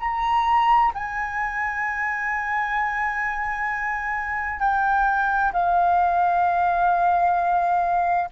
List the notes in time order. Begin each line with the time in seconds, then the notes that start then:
0.00 A#5
0.95 G#5
4.60 G5
5.53 F5